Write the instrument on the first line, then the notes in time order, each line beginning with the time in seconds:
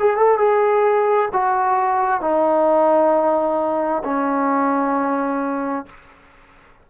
trombone
0.00 G#4
0.17 A4
0.38 G#4
1.33 F#4
2.21 D#4
4.05 C#4